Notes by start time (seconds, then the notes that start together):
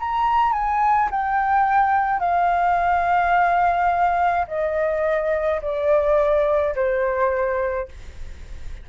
0.00 A#5
0.53 G#5
1.11 G5
2.20 F5
4.48 D#5
5.62 D5
6.76 C5